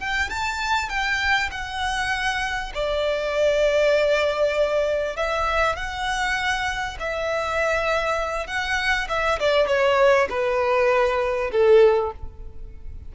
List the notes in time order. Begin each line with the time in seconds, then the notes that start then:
0.00 G5
0.30 A5
0.89 G5
1.52 F#5
2.75 D5
5.17 E5
5.77 F#5
7.00 E5
8.47 F#5
9.09 E5
9.40 D5
9.67 C#5
10.30 B4
11.52 A4